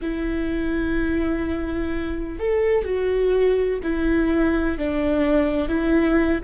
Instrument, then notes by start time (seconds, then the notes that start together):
viola
0.01 E4
2.39 A4
2.84 F#4
3.83 E4
4.77 D4
5.68 E4